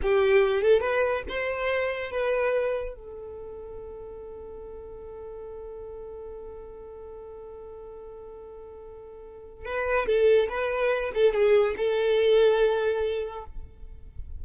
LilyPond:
\new Staff \with { instrumentName = "violin" } { \time 4/4 \tempo 4 = 143 g'4. a'8 b'4 c''4~ | c''4 b'2 a'4~ | a'1~ | a'1~ |
a'1~ | a'2. b'4 | a'4 b'4. a'8 gis'4 | a'1 | }